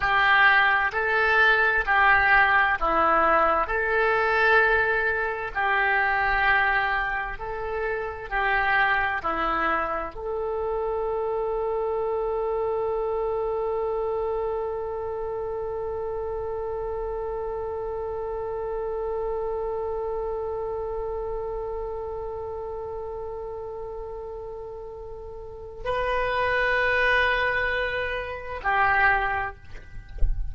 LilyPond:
\new Staff \with { instrumentName = "oboe" } { \time 4/4 \tempo 4 = 65 g'4 a'4 g'4 e'4 | a'2 g'2 | a'4 g'4 e'4 a'4~ | a'1~ |
a'1~ | a'1~ | a'1 | b'2. g'4 | }